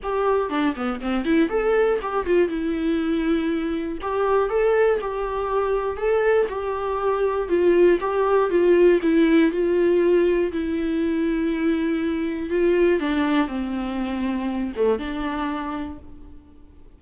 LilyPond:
\new Staff \with { instrumentName = "viola" } { \time 4/4 \tempo 4 = 120 g'4 d'8 b8 c'8 e'8 a'4 | g'8 f'8 e'2. | g'4 a'4 g'2 | a'4 g'2 f'4 |
g'4 f'4 e'4 f'4~ | f'4 e'2.~ | e'4 f'4 d'4 c'4~ | c'4. a8 d'2 | }